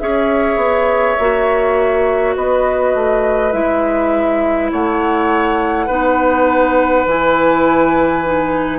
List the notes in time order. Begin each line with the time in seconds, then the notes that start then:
0.00 C#4 G#4 C#5 E5
0.57 B3
1.19 A#3 F#4
2.36 B3 B4 D#5
2.95 A3
3.52 G#3 E4 E5
4.72 A3 C#5 F#5
5.87 B3 D#4 B4
7.06 E3 E4 G#5
8.25 D#4